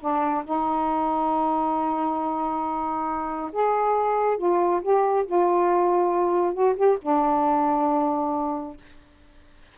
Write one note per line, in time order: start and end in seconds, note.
0.00 0.44 D4
0.45 3.51 D#4
3.52 4.38 G#4
4.38 4.82 F4
4.82 5.26 G4
5.26 6.54 F4
6.54 6.76 F#4
6.76 6.98 G4
7.02 8.77 D4